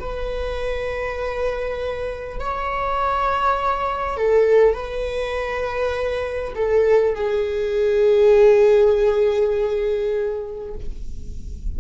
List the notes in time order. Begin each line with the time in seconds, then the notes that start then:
0.00 B4
2.40 C#5
4.17 A4
4.75 B4
6.55 A4
7.15 G#4